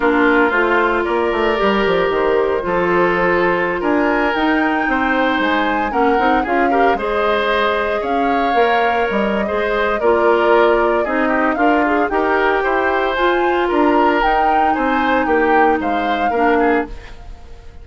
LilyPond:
<<
  \new Staff \with { instrumentName = "flute" } { \time 4/4 \tempo 4 = 114 ais'4 c''4 d''2 | c''2.~ c''16 gis''8.~ | gis''16 g''2 gis''4 fis''8.~ | fis''16 f''4 dis''2 f''8.~ |
f''4~ f''16 dis''4.~ dis''16 d''4~ | d''4 dis''4 f''4 g''4~ | g''4 gis''4 ais''4 g''4 | gis''4 g''4 f''2 | }
  \new Staff \with { instrumentName = "oboe" } { \time 4/4 f'2 ais'2~ | ais'4 a'2~ a'16 ais'8.~ | ais'4~ ais'16 c''2 ais'8.~ | ais'16 gis'8 ais'8 c''2 cis''8.~ |
cis''2 c''4 ais'4~ | ais'4 gis'8 g'8 f'4 ais'4 | c''2 ais'2 | c''4 g'4 c''4 ais'8 gis'8 | }
  \new Staff \with { instrumentName = "clarinet" } { \time 4/4 d'4 f'2 g'4~ | g'4 f'2.~ | f'16 dis'2. cis'8 dis'16~ | dis'16 f'8 g'8 gis'2~ gis'8.~ |
gis'16 ais'4.~ ais'16 gis'4 f'4~ | f'4 dis'4 ais'8 gis'8 g'4~ | g'4 f'2 dis'4~ | dis'2. d'4 | }
  \new Staff \with { instrumentName = "bassoon" } { \time 4/4 ais4 a4 ais8 a8 g8 f8 | dis4 f2~ f16 d'8.~ | d'16 dis'4 c'4 gis4 ais8 c'16~ | c'16 cis'4 gis2 cis'8.~ |
cis'16 ais4 g8. gis4 ais4~ | ais4 c'4 d'4 dis'4 | e'4 f'4 d'4 dis'4 | c'4 ais4 gis4 ais4 | }
>>